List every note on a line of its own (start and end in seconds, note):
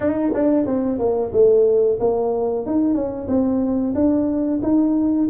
0.00 0.32 D#4
0.34 0.66 D4
0.66 0.98 C4
0.98 1.31 A#3
1.32 1.98 A3
2.00 2.66 A#3
2.66 2.94 D#4
2.94 3.27 C#4
3.28 3.94 C4
3.94 4.60 D4
4.62 5.28 D#4